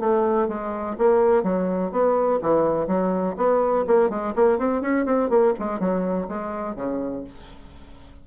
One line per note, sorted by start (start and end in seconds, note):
0.00 0.48 A3
0.48 0.97 G#3
0.98 1.43 A#3
1.43 1.92 F#3
1.92 2.40 B3
2.42 2.88 E3
2.88 3.36 F#3
3.37 3.86 B3
3.88 4.10 A#3
4.10 4.34 G#3
4.36 4.59 A#3
4.59 4.82 C4
4.82 5.06 C#4
5.06 5.30 C4
5.30 5.54 A#3
5.60 5.80 G#3
5.80 6.28 F#3
6.29 6.76 G#3
6.76 7.24 C#3